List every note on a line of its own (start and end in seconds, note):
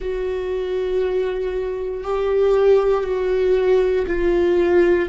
0.00 2.03 F#4
2.03 3.04 G4
3.04 4.05 F#4
4.07 5.08 F4